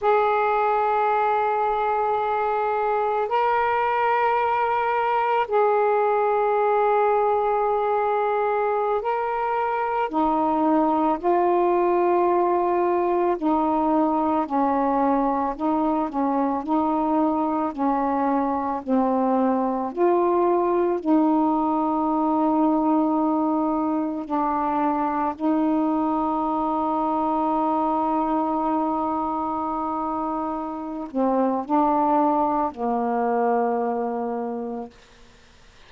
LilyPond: \new Staff \with { instrumentName = "saxophone" } { \time 4/4 \tempo 4 = 55 gis'2. ais'4~ | ais'4 gis'2.~ | gis'16 ais'4 dis'4 f'4.~ f'16~ | f'16 dis'4 cis'4 dis'8 cis'8 dis'8.~ |
dis'16 cis'4 c'4 f'4 dis'8.~ | dis'2~ dis'16 d'4 dis'8.~ | dis'1~ | dis'8 c'8 d'4 ais2 | }